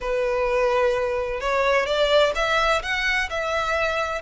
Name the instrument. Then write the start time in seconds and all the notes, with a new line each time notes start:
violin
0.00 B4
1.40 C#5
1.85 D5
2.35 E5
2.82 F#5
3.30 E5